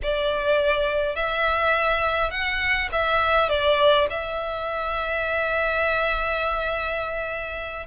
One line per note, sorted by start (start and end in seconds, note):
0.03 1.15 D5
1.15 2.30 E5
2.30 2.89 F#5
2.92 3.49 E5
3.49 4.07 D5
4.10 7.86 E5